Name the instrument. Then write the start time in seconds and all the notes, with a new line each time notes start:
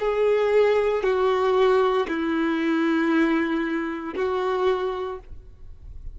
violin
0.00 G#4
1.04 F#4
2.08 E4
4.16 F#4